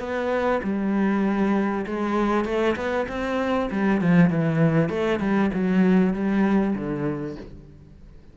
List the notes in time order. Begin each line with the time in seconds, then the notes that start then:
0.00 B3
0.64 G3
1.87 G#3
2.45 A3
2.76 B3
3.09 C4
3.72 G3
4.02 F3
4.30 E3
4.90 A3
5.20 G3
5.54 F#3
6.14 G3
6.76 D3